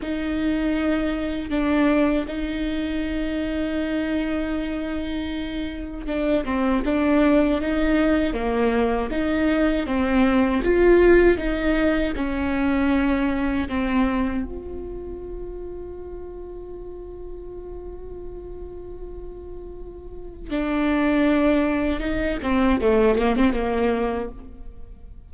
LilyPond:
\new Staff \with { instrumentName = "viola" } { \time 4/4 \tempo 4 = 79 dis'2 d'4 dis'4~ | dis'1 | d'8 c'8 d'4 dis'4 ais4 | dis'4 c'4 f'4 dis'4 |
cis'2 c'4 f'4~ | f'1~ | f'2. d'4~ | d'4 dis'8 c'8 a8 ais16 c'16 ais4 | }